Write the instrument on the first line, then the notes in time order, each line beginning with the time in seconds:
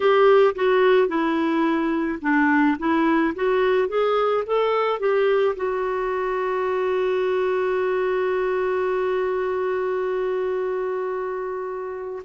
clarinet
0.00 G4
0.55 F#4
1.08 E4
2.21 D4
2.78 E4
3.35 F#4
3.88 G#4
4.46 A4
4.99 G4
5.56 F#4